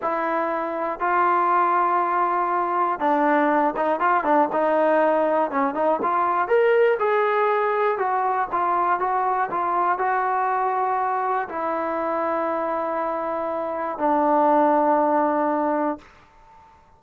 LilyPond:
\new Staff \with { instrumentName = "trombone" } { \time 4/4 \tempo 4 = 120 e'2 f'2~ | f'2 d'4. dis'8 | f'8 d'8 dis'2 cis'8 dis'8 | f'4 ais'4 gis'2 |
fis'4 f'4 fis'4 f'4 | fis'2. e'4~ | e'1 | d'1 | }